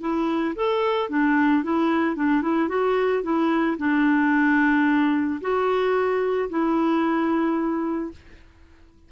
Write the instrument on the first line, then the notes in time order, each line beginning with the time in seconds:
clarinet
0.00 E4
0.55 A4
1.09 D4
1.63 E4
2.15 D4
2.42 E4
2.69 F#4
3.23 E4
3.78 D4
5.41 F#4
6.49 E4